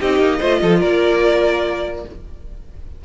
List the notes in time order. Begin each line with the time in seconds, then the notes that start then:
0.00 C4 D#4 G4 D#5
0.19 A#3
0.40 A3 F4 C5
0.62 F3 A4
0.80 A#3 A#4 D5